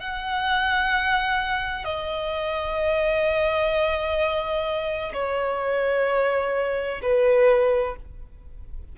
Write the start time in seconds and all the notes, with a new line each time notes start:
0.00 F#5
1.85 D#5
5.14 C#5
7.02 B4